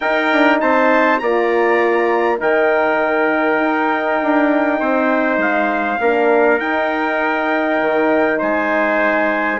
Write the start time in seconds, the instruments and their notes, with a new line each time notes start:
0.00 bassoon D#4, horn D#4, trumpet A#4 G5
0.32 bassoon D4
0.60 bassoon C4, trumpet C5 A5
1.19 bassoon A#3, horn F4, trumpet D5 A#5
2.38 bassoon D#3, horn D#4, trumpet A#4 G5
3.59 bassoon D#4
4.22 bassoon D4
4.79 bassoon C4, trumpet C5
5.37 bassoon G#3, trumpet F5
6.00 bassoon A#3, horn D4, trumpet A#4
6.59 bassoon D#4, horn D#4, trumpet G5
7.81 bassoon D#3
8.38 bassoon G#3, trumpet C5 G#5